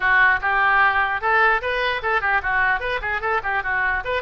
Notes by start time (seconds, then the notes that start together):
0.00 F#4
0.41 G4
1.21 A4
1.61 B4
2.02 A4
2.21 G4
2.42 F#4
2.79 B4
3.01 G#4
3.21 A4
3.43 G4
3.63 F#4
4.04 B4